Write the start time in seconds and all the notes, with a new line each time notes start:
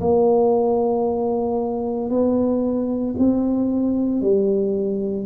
0.00 A#3
2.10 B3
3.18 C4
4.21 G3